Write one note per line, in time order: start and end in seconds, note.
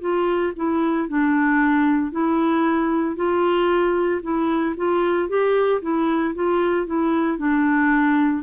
0.00 0.53 F4
0.56 1.08 E4
1.08 2.11 D4
2.11 3.16 E4
3.16 4.21 F4
4.22 4.75 E4
4.77 5.28 F4
5.28 5.81 G4
5.81 6.34 E4
6.34 6.86 F4
6.86 7.38 E4
7.38 8.43 D4